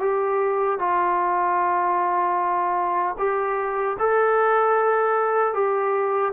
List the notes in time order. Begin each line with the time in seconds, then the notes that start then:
0.00 G4
0.79 F4
3.18 G4
3.99 A4
5.54 G4